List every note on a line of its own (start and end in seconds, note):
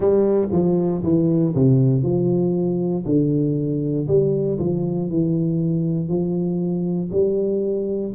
0.00 0.48 G3
0.52 1.03 F3
1.03 1.54 E3
1.54 2.02 C3
2.02 3.04 F3
3.05 4.07 D3
4.07 4.58 G3
4.58 5.09 F3
5.09 6.08 E3
6.08 7.10 F3
7.11 8.13 G3